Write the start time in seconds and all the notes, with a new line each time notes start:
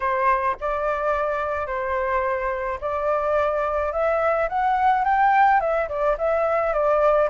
0.00 C5
0.60 D5
1.66 C5
2.80 D5
3.92 E5
4.49 F#5
5.04 G5
5.60 E5
5.89 D5
6.18 E5
6.73 D5